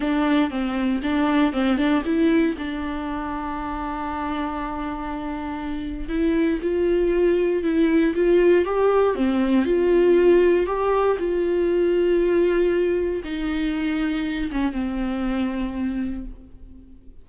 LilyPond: \new Staff \with { instrumentName = "viola" } { \time 4/4 \tempo 4 = 118 d'4 c'4 d'4 c'8 d'8 | e'4 d'2.~ | d'1 | e'4 f'2 e'4 |
f'4 g'4 c'4 f'4~ | f'4 g'4 f'2~ | f'2 dis'2~ | dis'8 cis'8 c'2. | }